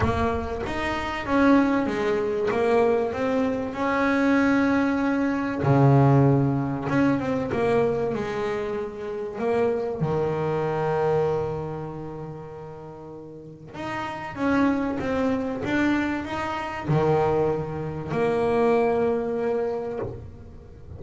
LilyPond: \new Staff \with { instrumentName = "double bass" } { \time 4/4 \tempo 4 = 96 ais4 dis'4 cis'4 gis4 | ais4 c'4 cis'2~ | cis'4 cis2 cis'8 c'8 | ais4 gis2 ais4 |
dis1~ | dis2 dis'4 cis'4 | c'4 d'4 dis'4 dis4~ | dis4 ais2. | }